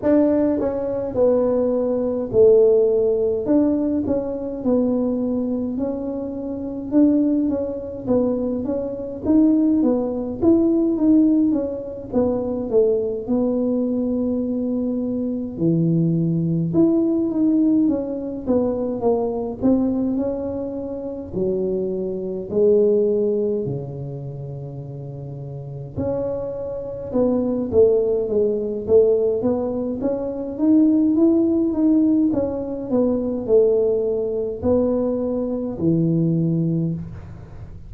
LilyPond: \new Staff \with { instrumentName = "tuba" } { \time 4/4 \tempo 4 = 52 d'8 cis'8 b4 a4 d'8 cis'8 | b4 cis'4 d'8 cis'8 b8 cis'8 | dis'8 b8 e'8 dis'8 cis'8 b8 a8 b8~ | b4. e4 e'8 dis'8 cis'8 |
b8 ais8 c'8 cis'4 fis4 gis8~ | gis8 cis2 cis'4 b8 | a8 gis8 a8 b8 cis'8 dis'8 e'8 dis'8 | cis'8 b8 a4 b4 e4 | }